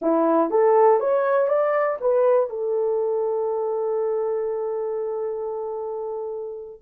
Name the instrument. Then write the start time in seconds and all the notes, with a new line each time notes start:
horn
0.01 E4
0.50 A4
0.99 C#5
1.48 D5
2.01 B4
2.49 A4